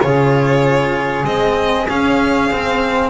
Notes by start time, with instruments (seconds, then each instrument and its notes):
0.00 double bass C#3, cello F4, saxophone G#4, violin C#5
1.23 double bass G#3, cello C4, violin D#5
1.89 cello C#4, double bass C#4, violin F5
2.51 cello C4, double bass C4